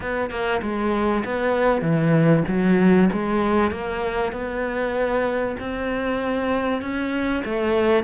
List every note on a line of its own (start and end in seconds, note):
0.00 0.30 B3
0.30 0.61 A#3
0.62 1.24 G#3
1.25 1.81 B3
1.81 2.43 E3
2.47 3.09 F#3
3.12 3.71 G#3
3.71 4.32 A#3
4.32 5.56 B3
5.60 6.81 C4
6.81 7.43 C#4
7.44 8.03 A3